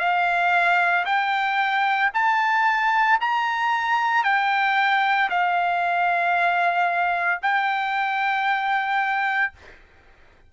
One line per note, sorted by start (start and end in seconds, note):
0.00 1.05 F5
1.06 2.11 G5
2.14 3.20 A5
3.21 4.24 A#5
4.24 5.30 G5
5.30 7.41 F5
7.43 9.53 G5